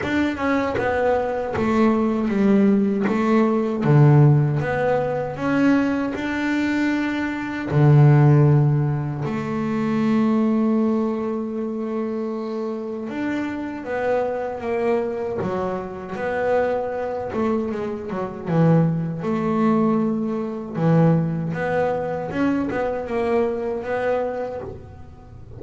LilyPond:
\new Staff \with { instrumentName = "double bass" } { \time 4/4 \tempo 4 = 78 d'8 cis'8 b4 a4 g4 | a4 d4 b4 cis'4 | d'2 d2 | a1~ |
a4 d'4 b4 ais4 | fis4 b4. a8 gis8 fis8 | e4 a2 e4 | b4 cis'8 b8 ais4 b4 | }